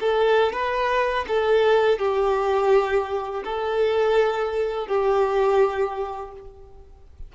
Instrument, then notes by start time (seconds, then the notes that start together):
violin
0.00 A4
0.53 B4
1.28 A4
1.99 G4
3.44 A4
4.87 G4